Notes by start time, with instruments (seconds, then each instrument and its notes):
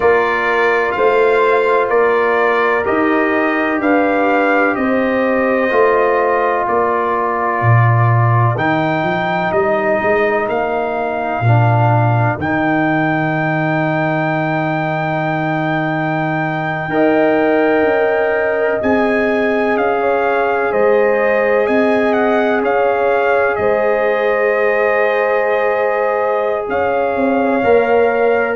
0.00 tuba A#3, trombone F4, horn A#4, trumpet D5
0.91 tuba A3, horn C5, trumpet F5
1.89 tuba A#3, horn A#4, trumpet D5
2.85 tuba D#4, trombone G4, trumpet D#5
3.80 tuba D4, horn B4, trumpet F5
4.75 tuba C4, horn C5, trumpet D#5
5.70 tuba A3, trombone F4
6.67 tuba A#3, horn A#4, trumpet D5
7.61 tuba A#2
8.56 tuba D#3, trombone D#4, trumpet G5
9.03 tuba F3
9.51 tuba G3, trumpet D#5
10.03 tuba G#3
10.48 tuba A#3, trumpet F5
11.40 tuba A#2, trombone D4
12.38 tuba D#3, trombone D#4, trumpet G5
16.88 tuba D#4, trombone A#4, horn D#5
17.83 tuba C#4
18.80 tuba C4, trombone G#4, trumpet G#5
19.76 tuba C#4, trumpet F5
20.00 horn C#5
20.71 tuba G#3, horn C5, trumpet D#5
21.66 tuba C4, horn D#5, trumpet G#5
22.13 trumpet F#5
22.62 tuba C#4, horn C#5, trumpet F5
23.55 tuba G#3, horn C5, trumpet D#5
26.68 tuba C#4, horn C#5, trumpet F5
27.15 tuba C4
27.63 tuba A#3, trombone A#4